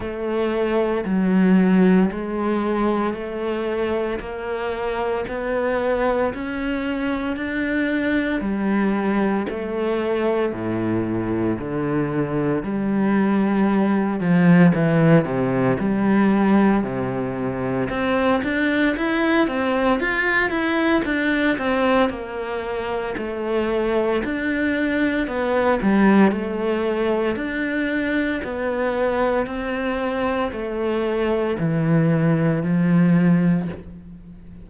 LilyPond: \new Staff \with { instrumentName = "cello" } { \time 4/4 \tempo 4 = 57 a4 fis4 gis4 a4 | ais4 b4 cis'4 d'4 | g4 a4 a,4 d4 | g4. f8 e8 c8 g4 |
c4 c'8 d'8 e'8 c'8 f'8 e'8 | d'8 c'8 ais4 a4 d'4 | b8 g8 a4 d'4 b4 | c'4 a4 e4 f4 | }